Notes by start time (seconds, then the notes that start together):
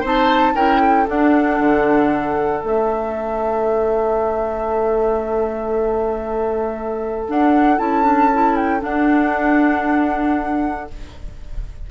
0.00 C4 D#4 C5
0.06 A5
0.55 C#4 E4 A#4 G5
0.80 A4
1.08 D4 F#5
1.59 D3
2.61 A3 C#4 E5
7.28 D4 F#5
7.78 C#4 E4 A5
8.03 D4
8.33 E4
8.56 G5
8.80 D4 F#5